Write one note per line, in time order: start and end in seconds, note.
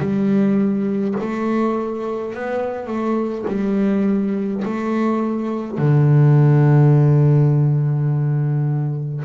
0.00 1.15 G3
1.21 2.34 A3
2.34 2.87 B3
2.87 3.45 A3
3.48 4.64 G3
4.65 5.78 A3
5.78 9.25 D3